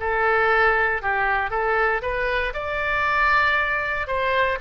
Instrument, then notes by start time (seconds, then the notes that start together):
oboe
0.00 A4
1.02 G4
1.50 A4
2.02 B4
2.53 D5
4.07 C5